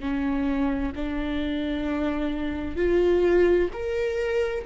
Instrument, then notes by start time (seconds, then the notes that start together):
viola
0.00 C#4
0.95 D4
2.76 F4
3.73 A#4